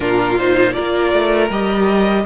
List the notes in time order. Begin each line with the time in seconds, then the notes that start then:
0.00 A#2 D4 F4 A#4
0.38 D#4 C5
0.72 F4 A#4 D5
0.78 A#3
1.13 A3
1.49 G3 G4 D#5